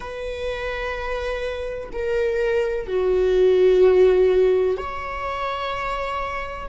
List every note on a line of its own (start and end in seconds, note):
0.00 1.89 B4
1.92 2.87 A#4
2.87 4.77 F#4
4.77 6.68 C#5